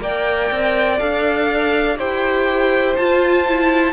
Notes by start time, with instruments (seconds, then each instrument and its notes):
0.00 cello A#3, viola A#4, violin D5 G5
0.51 cello C4
0.99 cello D4, viola A4, violin F5
1.99 cello E4, viola G4, violin C5 G5
2.97 viola F4, cello F4, violin A5
3.48 viola E4